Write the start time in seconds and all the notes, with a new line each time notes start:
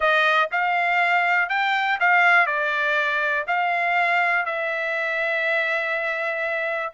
0.00 D#5
0.51 F5
1.49 G5
2.00 F5
2.46 D5
3.47 F5
4.45 E5